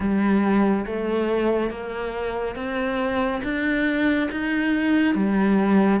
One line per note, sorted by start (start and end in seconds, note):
0.00 0.85 G3
0.86 1.70 A3
1.70 2.55 A#3
2.55 3.41 C4
3.43 4.29 D4
4.31 5.14 D#4
5.14 6.00 G3